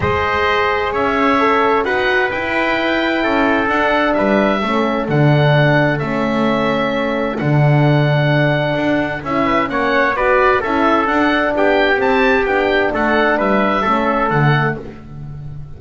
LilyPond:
<<
  \new Staff \with { instrumentName = "oboe" } { \time 4/4 \tempo 4 = 130 dis''2 e''2 | fis''4 g''2. | fis''4 e''2 fis''4~ | fis''4 e''2. |
fis''1 | e''4 fis''4 d''4 e''4 | fis''4 g''4 a''4 g''4 | fis''4 e''2 fis''4 | }
  \new Staff \with { instrumentName = "trumpet" } { \time 4/4 c''2 cis''2 | b'2. a'4~ | a'4 b'4 a'2~ | a'1~ |
a'1~ | a'8 b'8 cis''4 b'4 a'4~ | a'4 g'2. | a'4 b'4 a'2 | }
  \new Staff \with { instrumentName = "horn" } { \time 4/4 gis'2. a'4 | fis'4 e'2. | d'2 cis'4 d'4~ | d'4 cis'2. |
d'1 | e'4 cis'4 fis'4 e'4 | d'2 c'4 d'4~ | d'2 cis'4 a4 | }
  \new Staff \with { instrumentName = "double bass" } { \time 4/4 gis2 cis'2 | dis'4 e'2 cis'4 | d'4 g4 a4 d4~ | d4 a2. |
d2. d'4 | cis'4 ais4 b4 cis'4 | d'4 b4 c'4 b4 | a4 g4 a4 d4 | }
>>